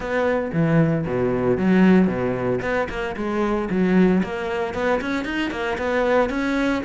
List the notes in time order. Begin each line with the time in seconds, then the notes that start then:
0.00 B3
0.52 E3
1.06 B2
1.57 F#3
2.07 B2
2.61 B3
2.89 A#3
3.16 G#3
3.69 F#3
4.23 A#3
4.74 B3
5.01 C#4
5.25 D#4
5.50 A#3
5.78 B3
6.29 C#4